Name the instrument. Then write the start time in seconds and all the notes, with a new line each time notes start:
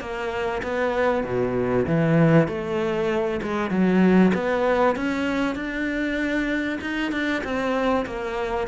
cello
0.00 A#3
0.63 B3
1.24 B2
1.86 E3
2.48 A3
3.42 G#3
3.70 F#3
4.34 B3
4.96 C#4
5.55 D4
6.81 D#4
7.12 D4
7.44 C4
8.06 A#3